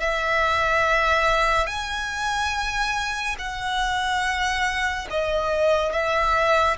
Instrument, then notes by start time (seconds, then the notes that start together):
violin
0.00 E5
1.67 G#5
3.38 F#5
5.10 D#5
5.92 E5